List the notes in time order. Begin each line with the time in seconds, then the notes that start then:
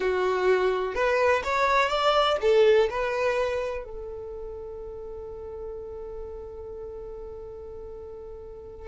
0.00 F#4
0.94 B4
1.44 C#5
1.89 D5
2.41 A4
2.90 B4
3.84 A4